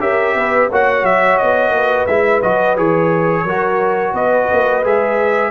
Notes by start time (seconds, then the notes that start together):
0.00 C#4 G4 A#4 E5
0.35 B3 B4
0.70 A#3 F#4 C#5 F#5
1.03 F#3 E5
1.37 B3 D#5
1.70 A#3 B4
2.07 G#3 E4 E5
2.42 F#3 F#4 D#5
2.77 E3 G#4 C#5
3.44 F#3 F#4 A#4
4.14 B3 B4 D#5
4.52 A#3
4.84 G#3 G#4 E5